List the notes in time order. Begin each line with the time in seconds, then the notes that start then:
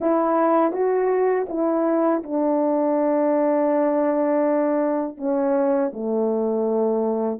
0.00 E4
0.72 F#4
1.48 E4
2.23 D4
5.17 C#4
5.93 A3